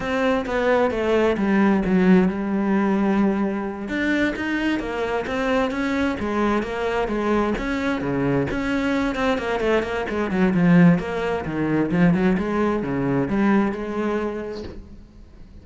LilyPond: \new Staff \with { instrumentName = "cello" } { \time 4/4 \tempo 4 = 131 c'4 b4 a4 g4 | fis4 g2.~ | g8 d'4 dis'4 ais4 c'8~ | c'8 cis'4 gis4 ais4 gis8~ |
gis8 cis'4 cis4 cis'4. | c'8 ais8 a8 ais8 gis8 fis8 f4 | ais4 dis4 f8 fis8 gis4 | cis4 g4 gis2 | }